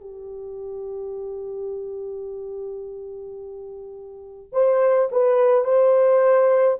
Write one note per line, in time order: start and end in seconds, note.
0.00 4.52 G4
4.52 5.09 C5
5.11 5.64 B4
5.64 6.77 C5